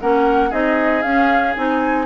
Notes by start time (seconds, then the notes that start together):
0.00 A#3 C#4 A#4 F#5
0.49 C4 D#4 G#4 D#5
1.02 C#4 F5
1.56 C4 D#4 G#5